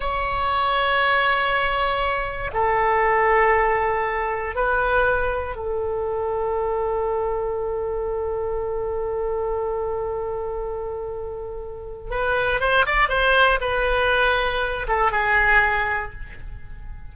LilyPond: \new Staff \with { instrumentName = "oboe" } { \time 4/4 \tempo 4 = 119 cis''1~ | cis''4 a'2.~ | a'4 b'2 a'4~ | a'1~ |
a'1~ | a'1 | b'4 c''8 d''8 c''4 b'4~ | b'4. a'8 gis'2 | }